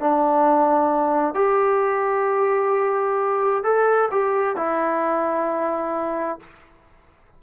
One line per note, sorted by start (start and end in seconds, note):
0.00 1.34 D4
1.34 3.63 G4
3.63 4.09 A4
4.11 4.57 G4
4.57 6.40 E4